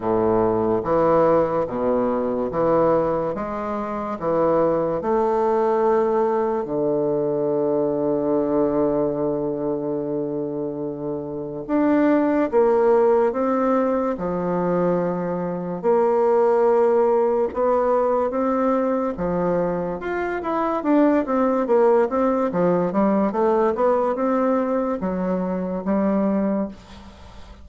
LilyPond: \new Staff \with { instrumentName = "bassoon" } { \time 4/4 \tempo 4 = 72 a,4 e4 b,4 e4 | gis4 e4 a2 | d1~ | d2 d'4 ais4 |
c'4 f2 ais4~ | ais4 b4 c'4 f4 | f'8 e'8 d'8 c'8 ais8 c'8 f8 g8 | a8 b8 c'4 fis4 g4 | }